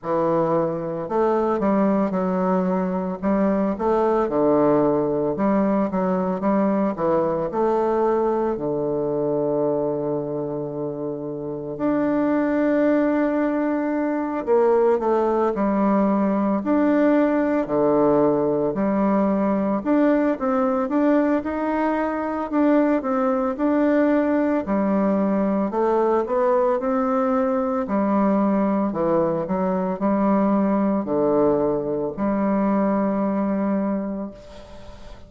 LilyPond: \new Staff \with { instrumentName = "bassoon" } { \time 4/4 \tempo 4 = 56 e4 a8 g8 fis4 g8 a8 | d4 g8 fis8 g8 e8 a4 | d2. d'4~ | d'4. ais8 a8 g4 d'8~ |
d'8 d4 g4 d'8 c'8 d'8 | dis'4 d'8 c'8 d'4 g4 | a8 b8 c'4 g4 e8 fis8 | g4 d4 g2 | }